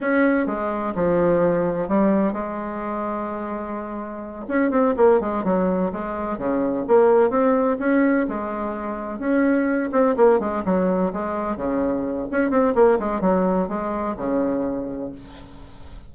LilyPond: \new Staff \with { instrumentName = "bassoon" } { \time 4/4 \tempo 4 = 127 cis'4 gis4 f2 | g4 gis2.~ | gis4. cis'8 c'8 ais8 gis8 fis8~ | fis8 gis4 cis4 ais4 c'8~ |
c'8 cis'4 gis2 cis'8~ | cis'4 c'8 ais8 gis8 fis4 gis8~ | gis8 cis4. cis'8 c'8 ais8 gis8 | fis4 gis4 cis2 | }